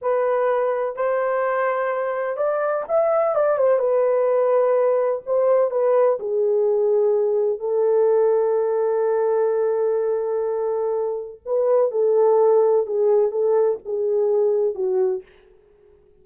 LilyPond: \new Staff \with { instrumentName = "horn" } { \time 4/4 \tempo 4 = 126 b'2 c''2~ | c''4 d''4 e''4 d''8 c''8 | b'2. c''4 | b'4 gis'2. |
a'1~ | a'1 | b'4 a'2 gis'4 | a'4 gis'2 fis'4 | }